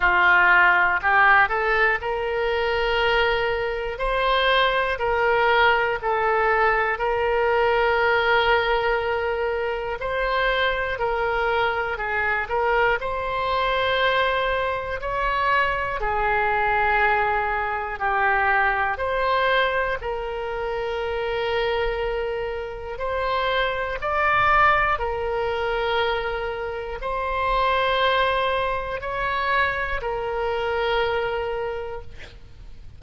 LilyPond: \new Staff \with { instrumentName = "oboe" } { \time 4/4 \tempo 4 = 60 f'4 g'8 a'8 ais'2 | c''4 ais'4 a'4 ais'4~ | ais'2 c''4 ais'4 | gis'8 ais'8 c''2 cis''4 |
gis'2 g'4 c''4 | ais'2. c''4 | d''4 ais'2 c''4~ | c''4 cis''4 ais'2 | }